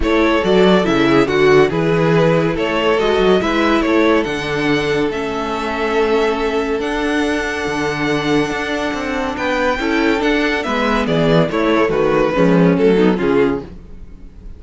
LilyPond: <<
  \new Staff \with { instrumentName = "violin" } { \time 4/4 \tempo 4 = 141 cis''4 d''4 e''4 fis''4 | b'2 cis''4 dis''4 | e''4 cis''4 fis''2 | e''1 |
fis''1~ | fis''2 g''2 | fis''4 e''4 d''4 cis''4 | b'2 a'4 gis'4 | }
  \new Staff \with { instrumentName = "violin" } { \time 4/4 a'2~ a'8 gis'8 fis'4 | gis'2 a'2 | b'4 a'2.~ | a'1~ |
a'1~ | a'2 b'4 a'4~ | a'4 b'4 gis'4 e'4 | fis'4 cis'4. dis'8 f'4 | }
  \new Staff \with { instrumentName = "viola" } { \time 4/4 e'4 fis'4 e'4 fis'4 | e'2. fis'4 | e'2 d'2 | cis'1 |
d'1~ | d'2. e'4 | d'4 b2 a4~ | a4 gis4 a8 b8 cis'4 | }
  \new Staff \with { instrumentName = "cello" } { \time 4/4 a4 fis4 cis4 d4 | e2 a4 gis8 fis8 | gis4 a4 d2 | a1 |
d'2 d2 | d'4 c'4 b4 cis'4 | d'4 gis4 e4 a4 | dis4 f4 fis4 cis4 | }
>>